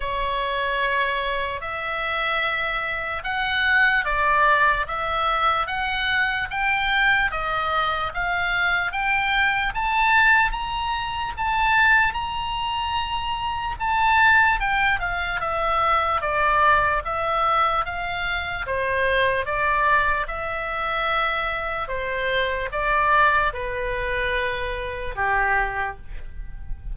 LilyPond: \new Staff \with { instrumentName = "oboe" } { \time 4/4 \tempo 4 = 74 cis''2 e''2 | fis''4 d''4 e''4 fis''4 | g''4 dis''4 f''4 g''4 | a''4 ais''4 a''4 ais''4~ |
ais''4 a''4 g''8 f''8 e''4 | d''4 e''4 f''4 c''4 | d''4 e''2 c''4 | d''4 b'2 g'4 | }